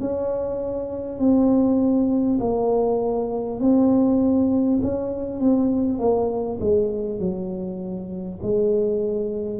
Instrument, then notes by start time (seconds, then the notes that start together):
tuba
0.00 C#4
1.19 C4
2.40 A#3
3.61 C4
4.82 C#4
5.40 C4
5.99 A#3
6.61 G#3
7.20 F#3
8.43 G#3